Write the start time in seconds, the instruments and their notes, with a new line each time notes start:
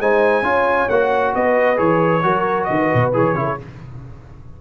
0.00 tuba G#3, trombone D#4, horn C5, trumpet G#5
0.43 tuba C#4, trombone F4, horn C#5
0.89 tuba A#3, trombone F#4, trumpet F#5
1.35 tuba B3, horn B4, trumpet D#5
1.76 tuba E3, trombone G#4, trumpet C#5
2.23 tuba F#3, trombone F#4, horn A#4
2.65 tuba D#3, trumpet D#5
2.71 horn B4
2.94 tuba B2
3.14 tuba E3, trombone G#4, trumpet C#5
3.34 tuba C#3, trombone E4, horn A#4
3.47 horn G#4